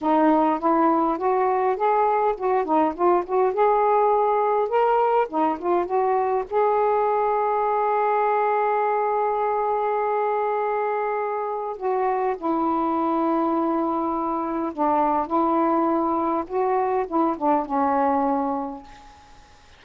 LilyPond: \new Staff \with { instrumentName = "saxophone" } { \time 4/4 \tempo 4 = 102 dis'4 e'4 fis'4 gis'4 | fis'8 dis'8 f'8 fis'8 gis'2 | ais'4 dis'8 f'8 fis'4 gis'4~ | gis'1~ |
gis'1 | fis'4 e'2.~ | e'4 d'4 e'2 | fis'4 e'8 d'8 cis'2 | }